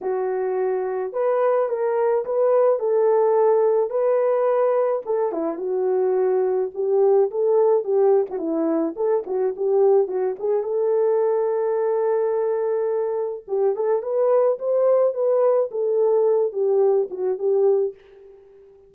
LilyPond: \new Staff \with { instrumentName = "horn" } { \time 4/4 \tempo 4 = 107 fis'2 b'4 ais'4 | b'4 a'2 b'4~ | b'4 a'8 e'8 fis'2 | g'4 a'4 g'8. fis'16 e'4 |
a'8 fis'8 g'4 fis'8 gis'8 a'4~ | a'1 | g'8 a'8 b'4 c''4 b'4 | a'4. g'4 fis'8 g'4 | }